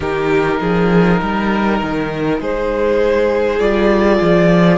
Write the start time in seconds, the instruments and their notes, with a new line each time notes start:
0.00 cello D#3, viola D#4, violin G4 A#4
0.60 cello F3, violin G#4
1.21 cello G3, violin A#4
1.81 cello D#3
2.39 cello G#3, violin G#4 C5
3.59 cello G3, viola F4, violin D5
4.21 cello F3